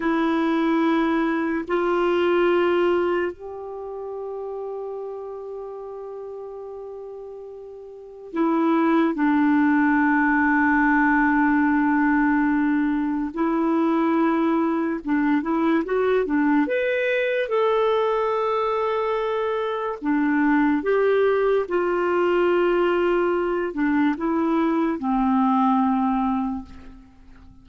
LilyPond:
\new Staff \with { instrumentName = "clarinet" } { \time 4/4 \tempo 4 = 72 e'2 f'2 | g'1~ | g'2 e'4 d'4~ | d'1 |
e'2 d'8 e'8 fis'8 d'8 | b'4 a'2. | d'4 g'4 f'2~ | f'8 d'8 e'4 c'2 | }